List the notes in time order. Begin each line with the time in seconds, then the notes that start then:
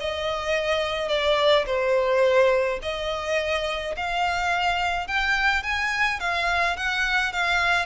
0.00 D#5
1.08 D5
1.66 C5
2.82 D#5
3.96 F5
5.07 G5
5.63 G#5
6.20 F5
6.77 F#5
7.33 F5